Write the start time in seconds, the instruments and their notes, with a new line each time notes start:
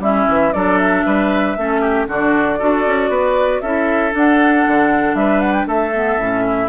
0.00 bassoon G3, clarinet C#4, oboe E4, flute E5
0.28 bassoon E3
0.53 bassoon F#3, clarinet D4, oboe A4, flute D5
0.78 flute E5
1.06 bassoon G3, oboe B4
1.57 bassoon A3, clarinet C#4, oboe A4
1.81 oboe G4
2.07 bassoon D3, clarinet D4, oboe F#4, flute D5
2.59 bassoon D4, clarinet F#4, oboe A4
2.86 bassoon C#4
3.09 bassoon B3, oboe B4
3.61 bassoon C#4, clarinet E4, oboe A4, flute E5
4.11 clarinet D4, bassoon D4, flute F#5
4.67 bassoon D3
5.14 bassoon G3, oboe B4, flute E5
5.40 flute F#5
5.53 flute G5
5.66 bassoon A3, oboe A4, flute E5
5.94 clarinet B3
6.17 bassoon A2, clarinet C#4
6.46 oboe E4